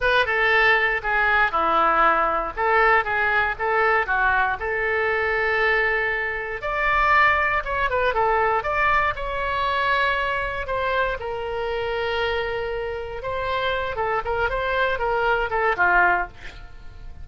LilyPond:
\new Staff \with { instrumentName = "oboe" } { \time 4/4 \tempo 4 = 118 b'8 a'4. gis'4 e'4~ | e'4 a'4 gis'4 a'4 | fis'4 a'2.~ | a'4 d''2 cis''8 b'8 |
a'4 d''4 cis''2~ | cis''4 c''4 ais'2~ | ais'2 c''4. a'8 | ais'8 c''4 ais'4 a'8 f'4 | }